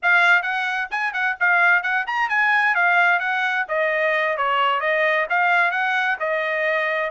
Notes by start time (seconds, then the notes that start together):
0.02 F5
0.42 F#5
0.90 G#5
1.13 F#5
1.40 F5
1.82 F#5
2.07 A#5
2.29 G#5
2.74 F5
3.19 F#5
3.68 D#5
4.37 C#5
4.80 D#5
5.29 F5
5.71 F#5
6.19 D#5